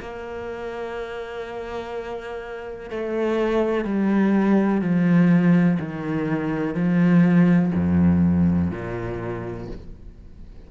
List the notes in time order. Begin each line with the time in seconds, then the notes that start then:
0.00 A#3
2.90 A3
3.84 G3
4.81 F3
5.79 D#3
6.74 F3
7.75 F2
8.71 A#2